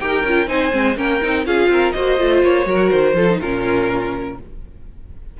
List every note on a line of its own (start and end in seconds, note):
0.00 0.24 D#4
0.00 0.25 G4
0.00 0.49 A#4
0.00 0.48 G5
0.24 0.47 C#4
0.24 0.48 F4
0.47 0.72 C4
0.47 0.71 D#4
0.47 0.97 C5
0.47 0.97 G#5
0.71 0.97 G#3
0.71 0.96 C4
0.96 1.21 A#3
0.96 1.21 C#4
0.96 1.46 A#4
0.96 1.46 G5
1.22 1.46 C4
1.22 1.46 D#4
1.46 1.69 C#4
1.46 1.95 F4
1.46 1.71 G#4
1.46 1.92 F5
1.69 1.93 C4
1.69 1.95 A#4
1.92 2.20 A#3
1.92 2.19 F#4
1.92 2.68 C5
1.92 2.41 D#5
2.19 2.43 A3
2.19 2.65 F4
2.43 2.66 A#3
2.43 2.90 C#5
2.65 2.90 F#3
2.65 3.14 F#4
2.65 3.16 A#4
2.90 3.14 D#3
2.90 3.39 C5
3.14 3.38 F3
3.14 3.29 F4
3.14 3.40 A4
3.30 3.42 D#4
3.40 4.40 A#2
3.40 4.40 C#4
3.40 4.37 F4
3.40 4.39 A#4